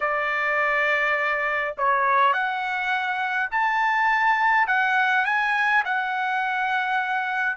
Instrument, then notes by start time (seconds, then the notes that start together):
trumpet
0.00 D5
1.77 C#5
2.33 F#5
3.50 A5
4.67 F#5
5.25 G#5
5.84 F#5